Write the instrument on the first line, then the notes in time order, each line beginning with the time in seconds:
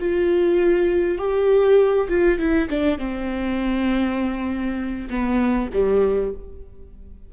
viola
0.00 F4
1.18 G4
2.09 F4
2.39 E4
2.70 D4
2.99 C4
5.10 B3
5.73 G3